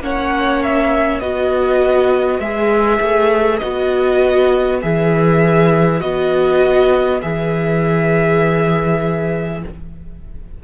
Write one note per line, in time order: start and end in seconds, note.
0.00 1.20 A#3
0.00 1.22 C#4
0.00 1.24 C#5
0.00 0.63 F#5
0.63 1.21 E5
1.20 2.40 B3
1.20 2.42 F#4
1.20 9.63 B4
1.20 2.40 D#5
2.40 3.00 G#3
2.40 3.62 G#4
2.40 3.58 E5
3.01 3.61 A3
3.58 4.84 B3
3.58 4.82 F#4
3.58 4.79 D#5
4.82 6.02 E3
4.82 6.00 G#4
4.82 6.00 E5
6.00 7.22 B3
6.00 7.20 F#4
6.00 7.21 D#5
7.23 9.64 E3
7.23 9.63 G#4
7.23 9.63 E5